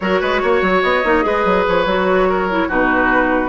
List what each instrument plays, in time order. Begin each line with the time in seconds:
0.00 bassoon F#3, clarinet F#4, oboe A#4, flute C#5
0.20 bassoon G#3, oboe B4
0.42 bassoon A#3, oboe C#5
0.61 bassoon F#3
0.81 bassoon B3, flute D#5
1.03 bassoon A#3, clarinet D#4
1.22 bassoon G#3, clarinet G#4, oboe B4
1.44 bassoon F#3
1.68 bassoon F3, flute C#5
1.85 bassoon F#3, clarinet F#4
2.29 oboe A#4
2.49 clarinet E4
2.68 bassoon B2, clarinet D#4, oboe F#4, flute B4